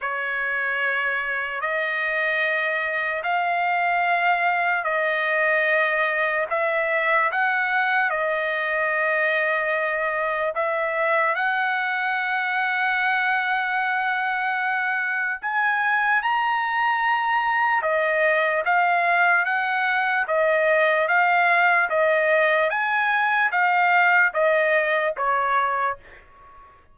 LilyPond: \new Staff \with { instrumentName = "trumpet" } { \time 4/4 \tempo 4 = 74 cis''2 dis''2 | f''2 dis''2 | e''4 fis''4 dis''2~ | dis''4 e''4 fis''2~ |
fis''2. gis''4 | ais''2 dis''4 f''4 | fis''4 dis''4 f''4 dis''4 | gis''4 f''4 dis''4 cis''4 | }